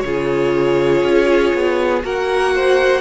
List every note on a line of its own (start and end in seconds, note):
0.00 1.03 C#3
0.00 2.02 F4
0.00 2.04 G#4
0.00 2.00 C#5
1.03 1.53 C#4
1.54 2.04 B3
2.02 3.01 A#3
2.02 3.01 F#4
2.02 2.54 A#4
2.02 3.01 F#5
2.55 3.01 C5